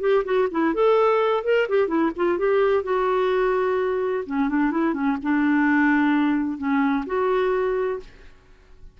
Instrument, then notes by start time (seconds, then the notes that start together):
clarinet
0.00 G4
0.25 F#4
0.51 E4
0.74 A4
1.44 A#4
1.69 G4
1.87 E4
2.16 F4
2.38 G4
2.83 F#4
4.26 C#4
4.49 D4
4.71 E4
4.93 C#4
5.22 D4
6.58 C#4
7.06 F#4